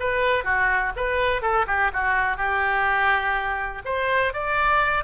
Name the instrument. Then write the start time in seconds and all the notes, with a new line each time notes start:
oboe
0.00 B4
0.45 F#4
0.97 B4
1.42 A4
1.68 G4
1.94 F#4
2.38 G4
3.85 C5
4.34 D5